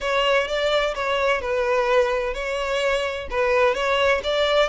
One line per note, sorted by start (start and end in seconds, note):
0.00 0.47 C#5
0.47 0.94 D5
0.94 1.41 C#5
1.41 2.34 B4
2.34 3.27 C#5
3.30 3.74 B4
3.74 4.21 C#5
4.23 4.68 D5